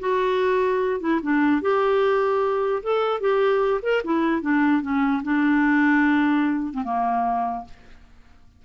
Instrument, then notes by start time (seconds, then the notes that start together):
clarinet
0.00 F#4
1.01 E4
1.23 D4
1.62 G4
2.83 A4
3.21 G4
3.83 A#4
4.05 E4
4.42 D4
4.83 C#4
5.24 D4
6.74 C4
6.85 A#3